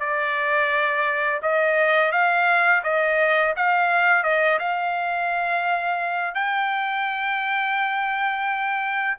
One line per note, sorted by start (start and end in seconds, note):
0.00 1.41 D5
1.43 2.12 D#5
2.12 2.83 F5
2.84 3.55 D#5
3.56 4.24 F5
4.24 4.59 D#5
4.59 6.35 F5
6.35 9.17 G5